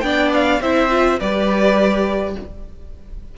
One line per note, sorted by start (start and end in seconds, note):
0.00 0.60 B3
0.00 0.60 D4
0.00 0.61 D5
0.00 0.29 G5
0.34 0.62 F5
0.61 1.18 C4
0.61 0.90 E4
0.61 1.19 C5
0.61 1.19 E5
0.90 1.18 F4
1.19 2.35 G3
1.19 2.37 G4
1.19 2.34 B4
1.19 2.35 D5